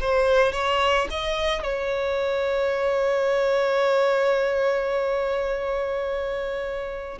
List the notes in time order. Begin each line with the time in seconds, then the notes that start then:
0.00 C5
0.52 C#5
1.10 D#5
1.63 C#5